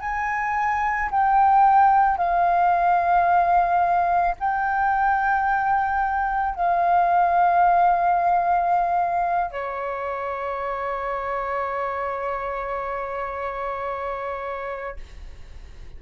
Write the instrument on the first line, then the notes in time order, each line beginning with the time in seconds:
flute
0.00 G#5
1.11 G5
2.17 F5
4.39 G5
6.55 F5
9.51 C#5